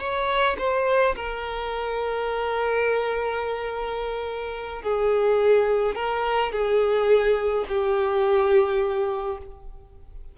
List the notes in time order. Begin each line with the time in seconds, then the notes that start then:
0.00 C#5
0.59 C5
1.16 A#4
4.83 G#4
5.96 A#4
6.52 G#4
7.69 G4